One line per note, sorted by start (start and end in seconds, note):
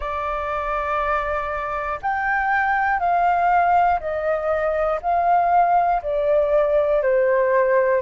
0.00 1.99 D5
2.02 3.00 G5
3.00 4.00 F5
4.00 5.00 D#5
5.01 6.01 F5
6.02 7.02 D5
7.02 8.01 C5